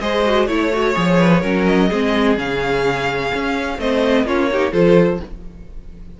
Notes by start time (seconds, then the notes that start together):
0.00 G#3 G#4 C5 D#5
0.25 F#4
0.46 A3 E4 C#5
0.72 F#4
0.94 F3 G#4
1.19 B4
1.41 F#3 C#4 A#4
1.65 D#5
1.88 G#3 C4 G#4
2.36 C#3 C#4 F5
3.34 C#4
3.78 A3 C4 C5 D#5
4.24 A#3 C#4 F4 C#5
4.51 D#4 G4
4.71 F3 F4 A4 C5